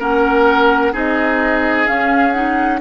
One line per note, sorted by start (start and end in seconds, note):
0.00 0.94 A#3
0.00 0.93 C#4
0.00 0.93 A#4
0.00 0.95 F#5
0.93 1.88 C4
0.93 1.87 D#4
0.93 2.80 G#4
0.93 1.88 D#5
1.87 2.33 C#4
1.87 2.81 C#4
1.87 2.33 F5
2.33 2.81 D#4
2.33 2.79 F#5